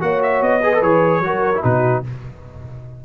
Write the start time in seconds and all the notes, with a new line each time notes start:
0.00 A#3 F#4 C#5 F#5
0.23 E5
0.42 B3 D#5
0.62 G#4 B4
0.73 A4
0.82 E3 G#4 C#5
1.21 F#3 F#4 A#4
1.55 E4
1.63 B2 D#4 F#4 B4